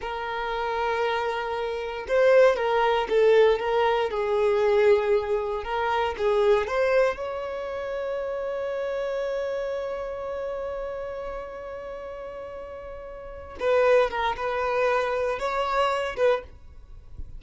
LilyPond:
\new Staff \with { instrumentName = "violin" } { \time 4/4 \tempo 4 = 117 ais'1 | c''4 ais'4 a'4 ais'4 | gis'2. ais'4 | gis'4 c''4 cis''2~ |
cis''1~ | cis''1~ | cis''2~ cis''8 b'4 ais'8 | b'2 cis''4. b'8 | }